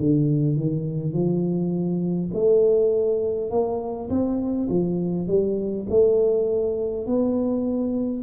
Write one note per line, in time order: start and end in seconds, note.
0.00 0.57 D3
0.57 1.14 D#3
1.14 2.32 F3
2.34 3.51 A3
3.51 4.10 A#3
4.10 4.69 C4
4.70 5.28 F3
5.28 5.87 G3
5.90 7.07 A3
7.07 8.24 B3